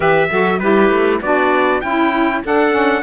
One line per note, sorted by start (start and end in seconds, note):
0.00 0.29 E3
0.00 0.29 G4
0.00 0.29 B4
0.00 0.59 E5
0.30 0.60 F#3
0.30 0.61 F#4
0.30 0.60 A4
0.59 0.89 G3
0.59 1.22 E4
0.59 1.21 G4
0.59 1.20 B4
0.89 1.20 A3
1.21 1.82 B3
1.21 1.82 D4
1.21 1.82 F#4
1.21 1.81 D5
1.81 2.43 C#4
1.81 2.42 E4
1.81 2.41 G5
2.42 2.71 D4
2.42 3.02 D4
2.42 3.02 A4
2.42 3.02 F#5
2.71 3.01 C#4